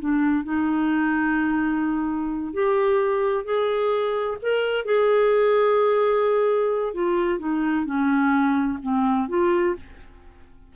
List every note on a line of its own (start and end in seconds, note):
0.00 0.44 D4
0.44 2.54 D#4
2.54 3.45 G4
3.45 4.38 G#4
4.42 4.85 A#4
4.85 6.94 G#4
6.94 7.39 F4
7.39 7.86 D#4
7.86 8.79 C#4
8.82 9.29 C4
9.29 9.75 F4